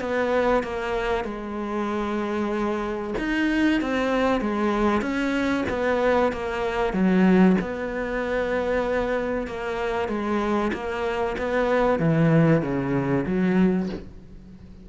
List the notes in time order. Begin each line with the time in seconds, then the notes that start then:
0.00 B3
0.63 A#3
1.25 G#3
3.19 D#4
3.81 C4
4.41 G#3
5.02 C#4
5.69 B3
6.32 A#3
6.93 F#3
7.61 B3
9.47 A#3
10.09 G#3
10.73 A#3
11.38 B3
11.99 E3
12.62 C#3
13.26 F#3